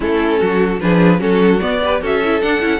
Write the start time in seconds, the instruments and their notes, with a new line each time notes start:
0.00 cello A3, viola C#4, violin E4 A4
0.39 cello F#3, violin F#4
0.80 cello F3, viola D4, violin G#4 B4
1.18 cello F#3, viola C#4, violin F#4 A4
1.60 viola B3, cello B3, violin D5
1.83 viola G4, violin B4
2.01 cello C#4, viola F#4, violin A4 E5
2.23 viola E4
2.41 viola D4, cello D4, violin F#5
2.60 cello C#4, viola E4